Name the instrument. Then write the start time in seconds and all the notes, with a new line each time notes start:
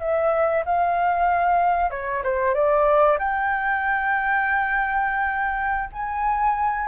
flute
0.00 E5
0.65 F5
1.90 C#5
2.23 C5
2.54 D5
3.18 G5
5.92 G#5